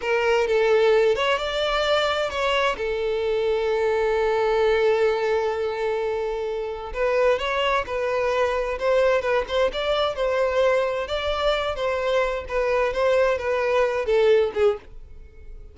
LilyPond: \new Staff \with { instrumentName = "violin" } { \time 4/4 \tempo 4 = 130 ais'4 a'4. cis''8 d''4~ | d''4 cis''4 a'2~ | a'1~ | a'2. b'4 |
cis''4 b'2 c''4 | b'8 c''8 d''4 c''2 | d''4. c''4. b'4 | c''4 b'4. a'4 gis'8 | }